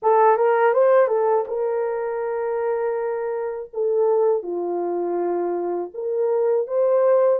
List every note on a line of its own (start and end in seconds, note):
0.02 0.36 A4
0.36 0.73 A#4
0.73 1.07 C5
1.07 1.44 A4
1.47 3.70 A#4
3.73 4.42 A4
4.42 5.91 F4
5.94 6.67 A#4
6.67 7.39 C5